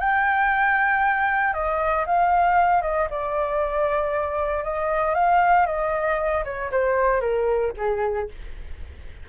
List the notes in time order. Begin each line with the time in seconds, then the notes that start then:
0.00 G5
1.54 D#5
2.06 F5
2.82 D#5
3.10 D5
4.64 D#5
5.15 F5
5.66 D#5
6.45 C#5
6.72 C5
7.21 A#4
7.77 G#4